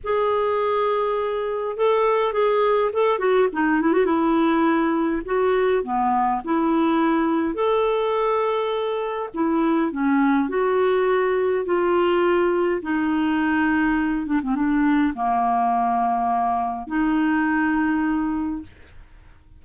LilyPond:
\new Staff \with { instrumentName = "clarinet" } { \time 4/4 \tempo 4 = 103 gis'2. a'4 | gis'4 a'8 fis'8 dis'8 e'16 fis'16 e'4~ | e'4 fis'4 b4 e'4~ | e'4 a'2. |
e'4 cis'4 fis'2 | f'2 dis'2~ | dis'8 d'16 c'16 d'4 ais2~ | ais4 dis'2. | }